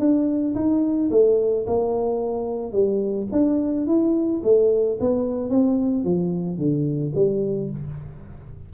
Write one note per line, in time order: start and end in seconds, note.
0.00 0.55 D4
0.55 1.10 D#4
1.11 1.66 A3
1.67 2.72 A#3
2.72 3.28 G3
3.33 3.87 D4
3.87 4.42 E4
4.44 4.99 A3
5.01 5.50 B3
5.50 6.05 C4
6.05 6.58 F3
6.58 7.13 D3
7.16 7.71 G3